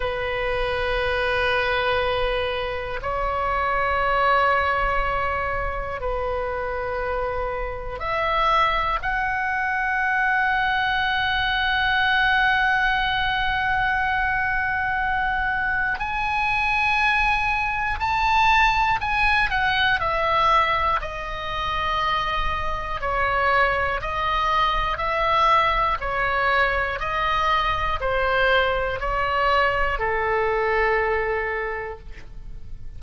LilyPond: \new Staff \with { instrumentName = "oboe" } { \time 4/4 \tempo 4 = 60 b'2. cis''4~ | cis''2 b'2 | e''4 fis''2.~ | fis''1 |
gis''2 a''4 gis''8 fis''8 | e''4 dis''2 cis''4 | dis''4 e''4 cis''4 dis''4 | c''4 cis''4 a'2 | }